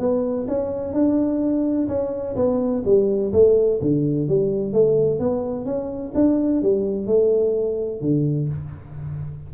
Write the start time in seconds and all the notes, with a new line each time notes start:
0.00 B3
0.48 C#4
0.94 D4
1.89 C#4
2.36 B3
2.86 G3
3.33 A3
3.82 D3
4.29 G3
4.74 A3
5.20 B3
5.66 C#4
6.15 D4
6.63 G3
7.07 A3
8.01 D3